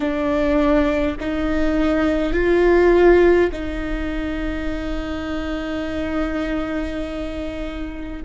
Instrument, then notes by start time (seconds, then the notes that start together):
viola
0.00 D4
1.20 D#4
2.32 F4
3.52 D#4